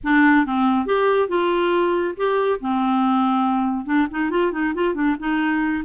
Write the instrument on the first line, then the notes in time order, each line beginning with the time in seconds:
clarinet
0.03 D4
0.46 C4
0.86 G4
1.28 F4
2.16 G4
2.60 C4
3.85 D4
4.10 D#4
4.30 F4
4.52 D#4
4.74 F4
4.94 D4
5.19 D#4